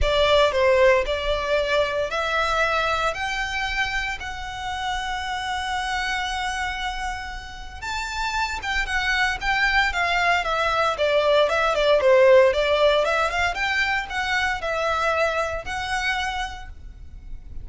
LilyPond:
\new Staff \with { instrumentName = "violin" } { \time 4/4 \tempo 4 = 115 d''4 c''4 d''2 | e''2 g''2 | fis''1~ | fis''2. a''4~ |
a''8 g''8 fis''4 g''4 f''4 | e''4 d''4 e''8 d''8 c''4 | d''4 e''8 f''8 g''4 fis''4 | e''2 fis''2 | }